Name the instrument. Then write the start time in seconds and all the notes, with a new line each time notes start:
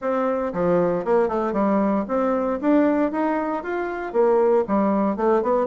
bassoon
0.01 C4
0.53 F3
1.05 A#3
1.28 A3
1.53 G3
2.08 C4
2.61 D4
3.11 D#4
3.63 F4
4.12 A#3
4.67 G3
5.16 A3
5.42 B3